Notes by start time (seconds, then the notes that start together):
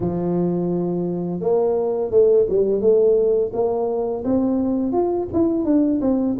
0.00 F3
1.40 A#3
2.10 A3
2.49 G3
2.81 A3
3.53 A#3
4.24 C4
4.92 F4
5.33 E4
5.65 D4
6.01 C4